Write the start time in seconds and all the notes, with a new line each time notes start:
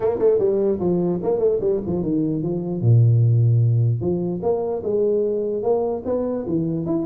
0.00 A#3
0.18 A3
0.38 G3
0.80 F3
1.22 A#3
1.39 A3
1.60 G3
1.85 F3
2.02 D#3
2.42 F3
2.81 A#2
4.00 F3
4.42 A#3
4.83 G#3
5.62 A#3
6.05 B3
6.46 E3
6.86 E4